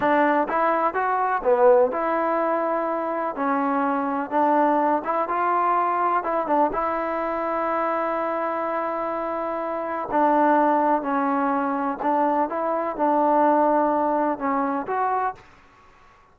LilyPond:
\new Staff \with { instrumentName = "trombone" } { \time 4/4 \tempo 4 = 125 d'4 e'4 fis'4 b4 | e'2. cis'4~ | cis'4 d'4. e'8 f'4~ | f'4 e'8 d'8 e'2~ |
e'1~ | e'4 d'2 cis'4~ | cis'4 d'4 e'4 d'4~ | d'2 cis'4 fis'4 | }